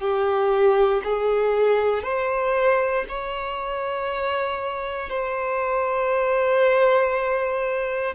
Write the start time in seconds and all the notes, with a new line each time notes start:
0.00 G4
1.04 G#4
2.03 C5
3.08 C#5
5.09 C5